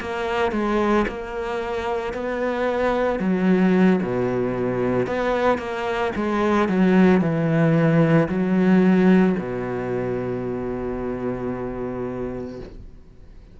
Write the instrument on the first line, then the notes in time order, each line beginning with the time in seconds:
cello
0.00 A#3
0.52 G#3
1.08 A#3
2.13 B3
3.19 F#3
4.02 B2
5.06 B3
5.58 A#3
6.16 G#3
6.69 F#3
7.21 E3
8.28 F#3
9.38 B2